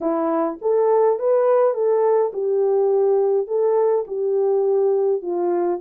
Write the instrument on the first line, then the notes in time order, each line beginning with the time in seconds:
horn
0.00 E4
0.61 A4
1.19 B4
1.74 A4
2.33 G4
3.47 A4
4.07 G4
5.22 F4